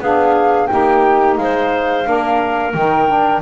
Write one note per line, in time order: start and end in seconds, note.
0.00 0.68 B3
0.00 0.68 D4
0.00 0.69 G#4
0.00 0.67 F5
0.67 1.38 A#3
0.67 2.04 D#4
0.67 1.40 G4
0.67 1.35 G5
1.37 2.06 G#3
1.37 2.08 C5
1.37 2.73 F5
2.04 2.74 A#3
2.04 2.72 D4
2.04 3.42 A#4
2.73 3.42 D#3
2.73 3.08 D#4
2.73 3.42 G5
3.08 3.42 D4